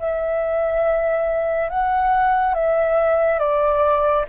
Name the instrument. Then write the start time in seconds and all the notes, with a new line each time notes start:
flute
0.00 E5
1.69 F#5
2.55 E5
3.39 D5